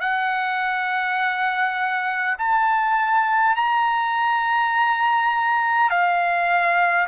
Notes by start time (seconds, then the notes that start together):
0.00 F#5
2.38 A5
3.56 A#5
5.90 F5